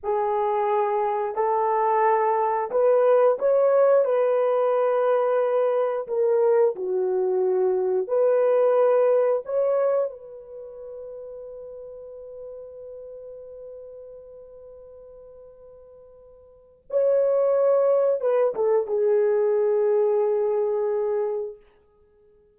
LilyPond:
\new Staff \with { instrumentName = "horn" } { \time 4/4 \tempo 4 = 89 gis'2 a'2 | b'4 cis''4 b'2~ | b'4 ais'4 fis'2 | b'2 cis''4 b'4~ |
b'1~ | b'1~ | b'4 cis''2 b'8 a'8 | gis'1 | }